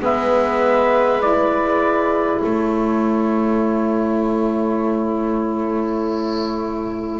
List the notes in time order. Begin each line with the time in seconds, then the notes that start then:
0.00 G#3 B3 B4 E5
1.20 E4 D5
2.40 A3 A4 C#5